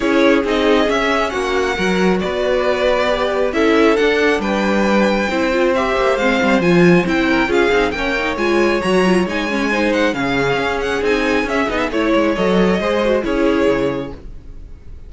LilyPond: <<
  \new Staff \with { instrumentName = "violin" } { \time 4/4 \tempo 4 = 136 cis''4 dis''4 e''4 fis''4~ | fis''4 d''2. | e''4 fis''4 g''2~ | g''4 e''4 f''4 gis''4 |
g''4 f''4 g''4 gis''4 | ais''4 gis''4. fis''8 f''4~ | f''8 fis''8 gis''4 e''8 dis''16 e''16 cis''4 | dis''2 cis''2 | }
  \new Staff \with { instrumentName = "violin" } { \time 4/4 gis'2. fis'4 | ais'4 b'2. | a'2 b'2 | c''1~ |
c''8 ais'8 gis'4 cis''2~ | cis''2 c''4 gis'4~ | gis'2. cis''4~ | cis''4 c''4 gis'2 | }
  \new Staff \with { instrumentName = "viola" } { \time 4/4 e'4 dis'4 cis'2 | fis'2. g'4 | e'4 d'2. | e'8 f'8 g'4 c'4 f'4 |
e'4 f'8 dis'8 cis'8 dis'8 f'4 | fis'8 f'8 dis'8 cis'8 dis'4 cis'4~ | cis'4 dis'4 cis'8 dis'8 e'4 | a'4 gis'8 fis'8 e'2 | }
  \new Staff \with { instrumentName = "cello" } { \time 4/4 cis'4 c'4 cis'4 ais4 | fis4 b2. | cis'4 d'4 g2 | c'4. ais8 gis8 g8 f4 |
c'4 cis'8 c'8 ais4 gis4 | fis4 gis2 cis4 | cis'4 c'4 cis'8 b8 a8 gis8 | fis4 gis4 cis'4 cis4 | }
>>